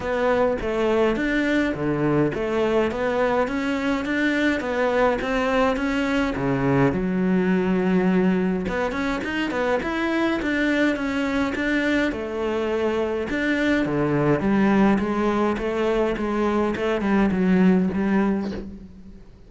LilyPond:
\new Staff \with { instrumentName = "cello" } { \time 4/4 \tempo 4 = 104 b4 a4 d'4 d4 | a4 b4 cis'4 d'4 | b4 c'4 cis'4 cis4 | fis2. b8 cis'8 |
dis'8 b8 e'4 d'4 cis'4 | d'4 a2 d'4 | d4 g4 gis4 a4 | gis4 a8 g8 fis4 g4 | }